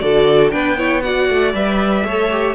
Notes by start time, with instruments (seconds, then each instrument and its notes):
0.00 cello D3, viola F#4, violin A4 D5
0.51 cello B3, viola D4, violin B4 G5
0.78 viola E4, violin C#5
1.02 viola F#4, violin D5 F#5
1.30 cello A3
1.54 cello G3, viola B4, violin E5
2.05 cello A3, viola A4, violin C#5
2.31 viola G4